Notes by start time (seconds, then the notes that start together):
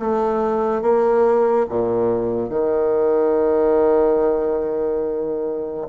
0.00 A3
0.83 A#3
1.69 A#2
2.50 D#3